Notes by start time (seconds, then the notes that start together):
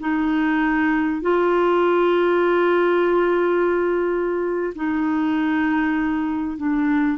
0.00 D#4
1.22 F4
4.75 D#4
6.57 D4